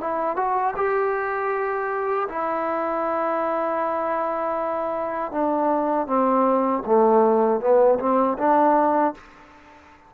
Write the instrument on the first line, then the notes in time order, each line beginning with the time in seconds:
trombone
0.00 E4
0.36 F#4
0.76 G4
2.28 E4
5.31 D4
6.07 C4
6.85 A3
7.60 B3
7.99 C4
8.38 D4